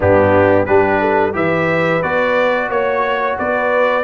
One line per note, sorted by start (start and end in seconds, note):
0.00 0.67 G2
0.00 0.67 B3
0.00 0.66 D4
0.00 0.65 G4
0.65 1.34 G3
0.65 1.33 D4
0.65 0.99 G4
0.65 1.32 B4
0.99 1.33 A4
1.33 2.02 E3
1.33 2.00 G4
1.33 2.69 B4
1.33 2.02 E5
2.02 2.69 B3
2.02 4.03 F#4
2.02 2.69 D5
2.69 3.36 A#3
2.69 3.37 C#5
3.38 4.03 B3
3.38 4.03 B4
3.38 4.03 D5